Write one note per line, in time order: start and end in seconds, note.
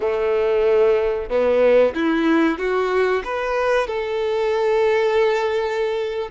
0.00 1.29 A3
1.29 1.94 B3
1.94 2.58 E4
2.58 3.23 F#4
3.24 3.87 B4
3.87 6.29 A4